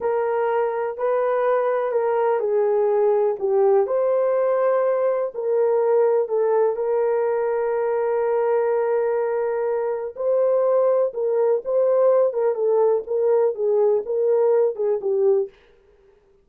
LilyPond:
\new Staff \with { instrumentName = "horn" } { \time 4/4 \tempo 4 = 124 ais'2 b'2 | ais'4 gis'2 g'4 | c''2. ais'4~ | ais'4 a'4 ais'2~ |
ais'1~ | ais'4 c''2 ais'4 | c''4. ais'8 a'4 ais'4 | gis'4 ais'4. gis'8 g'4 | }